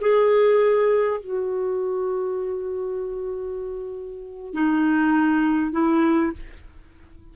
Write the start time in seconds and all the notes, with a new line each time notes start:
0.00 G#4
1.20 F#4
4.53 D#4
5.71 E4